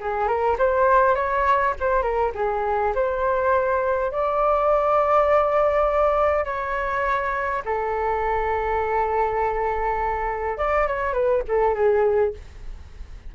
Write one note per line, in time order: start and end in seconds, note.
0.00 0.27 G#4
0.27 0.57 A#4
0.58 1.15 C5
1.15 1.74 C#5
1.80 2.02 C5
2.02 2.32 A#4
2.34 2.93 G#4
2.95 4.11 C5
4.11 6.45 D5
6.45 7.62 C#5
7.65 10.57 A4
10.57 10.87 D5
10.87 11.13 C#5
11.13 11.42 B4
11.48 11.74 A4
11.74 12.33 G#4